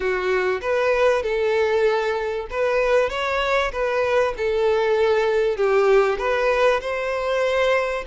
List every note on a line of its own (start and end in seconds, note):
0.00 0.60 F#4
0.61 1.23 B4
1.23 2.46 A4
2.50 3.09 B4
3.09 3.71 C#5
3.72 4.34 B4
4.37 5.57 A4
5.57 6.18 G4
6.18 6.80 B4
6.80 8.04 C5